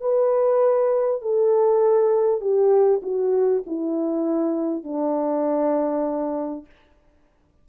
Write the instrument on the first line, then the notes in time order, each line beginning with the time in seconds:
horn
0.00 B4
1.21 A4
2.40 G4
3.02 F#4
3.66 E4
4.83 D4